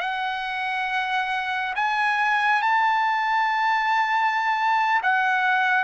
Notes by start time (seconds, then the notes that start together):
0.00 F#5
1.75 G#5
2.62 A5
5.03 F#5